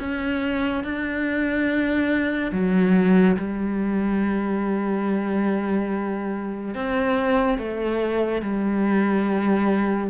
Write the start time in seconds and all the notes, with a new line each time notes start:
0.00 C#4
0.84 D4
2.52 F#3
3.37 G3
6.75 C4
7.59 A3
8.42 G3